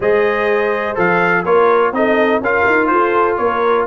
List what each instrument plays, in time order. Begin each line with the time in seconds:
0.00 tuba G#3, trombone G#4, horn C5, trumpet D#5
0.95 tuba F3, trombone A4, trumpet F5
1.44 tuba A#3, trombone F4, horn A#4, trumpet C#5
1.92 tuba C4, trombone D#4, horn A4, trumpet D#5
2.40 tuba C#4, trombone F4, horn A#4, trumpet F5
2.66 tuba D#4
2.87 tuba F4, horn A4, trumpet C5
3.37 tuba A#3, horn A#4, trumpet C#5